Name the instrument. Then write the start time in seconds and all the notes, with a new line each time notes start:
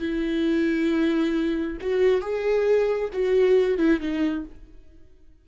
viola
0.00 E4
1.81 F#4
2.21 G#4
3.13 F#4
3.78 E4
4.00 D#4